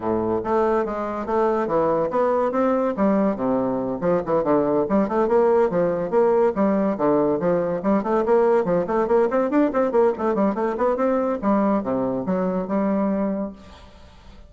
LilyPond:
\new Staff \with { instrumentName = "bassoon" } { \time 4/4 \tempo 4 = 142 a,4 a4 gis4 a4 | e4 b4 c'4 g4 | c4. f8 e8 d4 g8 | a8 ais4 f4 ais4 g8~ |
g8 d4 f4 g8 a8 ais8~ | ais8 f8 a8 ais8 c'8 d'8 c'8 ais8 | a8 g8 a8 b8 c'4 g4 | c4 fis4 g2 | }